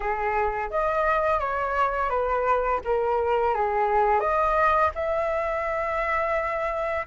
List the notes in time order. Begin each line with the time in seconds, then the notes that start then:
0.00 G#4
0.70 D#5
1.39 C#5
2.09 B4
2.84 A#4
3.54 G#4
4.20 D#5
4.94 E5